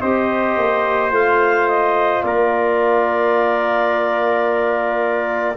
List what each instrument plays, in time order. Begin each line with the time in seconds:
0.00 tuba C4, trombone G4, trumpet C5, clarinet D#5
0.57 tuba A#3
1.11 tuba A3, trombone F4, clarinet F5
1.68 clarinet D#5
2.23 tuba A#3, trumpet A#4, clarinet D5